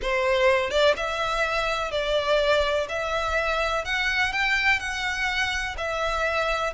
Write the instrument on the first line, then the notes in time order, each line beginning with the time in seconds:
violin
0.02 C5
0.70 D5
0.96 E5
1.91 D5
2.88 E5
3.84 F#5
4.32 G5
4.79 F#5
5.77 E5